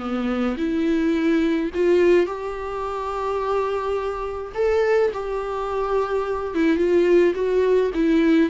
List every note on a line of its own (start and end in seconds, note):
0.00 0.57 B3
0.58 1.71 E4
1.74 2.27 F4
2.27 4.53 G4
4.55 5.12 A4
5.14 6.55 G4
6.55 6.78 E4
6.78 7.34 F4
7.35 7.91 F#4
7.95 8.50 E4